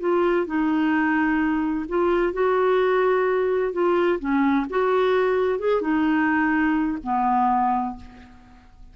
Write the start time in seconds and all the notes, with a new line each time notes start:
0.00 F4
0.46 D#4
1.89 F4
2.33 F#4
3.73 F4
4.20 C#4
4.70 F#4
5.59 G#4
5.82 D#4
7.03 B3